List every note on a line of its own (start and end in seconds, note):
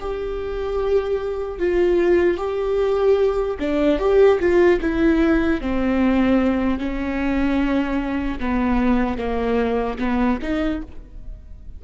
0.00 1.59 G4
1.59 2.37 F4
2.37 3.57 G4
3.59 3.99 D4
3.99 4.39 G4
4.40 4.80 F4
4.81 5.61 E4
5.61 6.79 C4
6.79 8.39 C#4
8.39 9.18 B3
9.18 9.98 A#3
9.99 10.39 B3
10.42 10.82 D#4